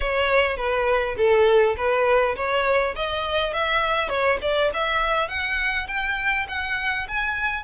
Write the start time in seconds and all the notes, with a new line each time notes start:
0.00 C#5
0.56 B4
1.17 A4
1.76 B4
2.36 C#5
2.95 D#5
3.53 E5
4.09 C#5
4.41 D5
4.73 E5
5.28 F#5
5.87 G5
6.48 F#5
7.07 G#5